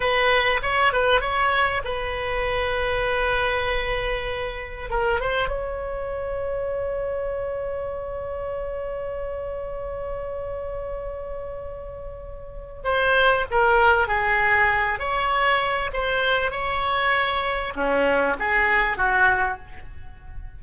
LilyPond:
\new Staff \with { instrumentName = "oboe" } { \time 4/4 \tempo 4 = 98 b'4 cis''8 b'8 cis''4 b'4~ | b'1 | ais'8 c''8 cis''2.~ | cis''1~ |
cis''1~ | cis''4 c''4 ais'4 gis'4~ | gis'8 cis''4. c''4 cis''4~ | cis''4 cis'4 gis'4 fis'4 | }